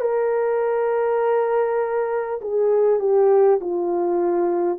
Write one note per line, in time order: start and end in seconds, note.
0.00 2.40 A#4
2.41 2.99 G#4
2.99 3.59 G4
3.61 4.79 F4